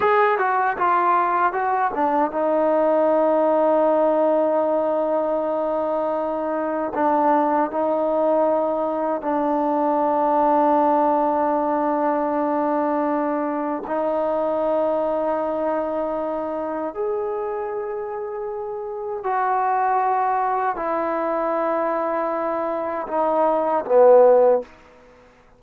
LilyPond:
\new Staff \with { instrumentName = "trombone" } { \time 4/4 \tempo 4 = 78 gis'8 fis'8 f'4 fis'8 d'8 dis'4~ | dis'1~ | dis'4 d'4 dis'2 | d'1~ |
d'2 dis'2~ | dis'2 gis'2~ | gis'4 fis'2 e'4~ | e'2 dis'4 b4 | }